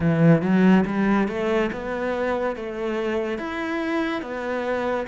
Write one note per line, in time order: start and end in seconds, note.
0.00 0.41 E3
0.42 0.84 F#3
0.86 1.28 G3
1.28 1.70 A3
1.72 2.56 B3
2.56 3.38 A3
3.38 4.21 E4
4.21 5.06 B3